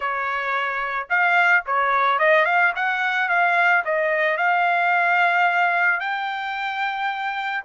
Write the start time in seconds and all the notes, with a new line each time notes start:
0.00 C#5
1.09 F5
1.66 C#5
2.18 D#5
2.45 F5
2.75 F#5
3.28 F5
3.84 D#5
4.37 F5
6.00 G5